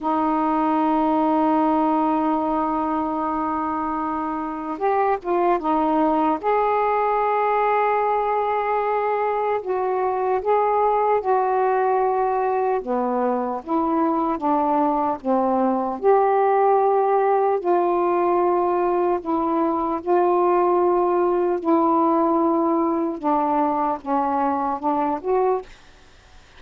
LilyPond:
\new Staff \with { instrumentName = "saxophone" } { \time 4/4 \tempo 4 = 75 dis'1~ | dis'2 g'8 f'8 dis'4 | gis'1 | fis'4 gis'4 fis'2 |
b4 e'4 d'4 c'4 | g'2 f'2 | e'4 f'2 e'4~ | e'4 d'4 cis'4 d'8 fis'8 | }